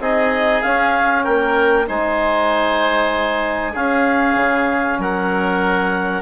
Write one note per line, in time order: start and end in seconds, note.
0.00 0.62 C4
0.00 0.64 D#4
0.00 1.24 G#4
0.00 0.62 D#5
0.62 1.26 C#4
0.62 1.88 C#4
0.62 1.25 F5
1.24 1.89 A#3
1.24 1.86 A#4
1.24 1.87 G5
1.88 3.75 G#3
1.88 3.75 D#4
1.88 3.73 C5
1.88 3.76 G#5
3.73 6.22 C#4
3.73 4.36 C#4
3.73 4.98 G#4
3.73 5.01 F5
4.36 4.98 C#3
4.98 6.22 F#3
4.98 6.22 A#4
4.98 6.22 F#5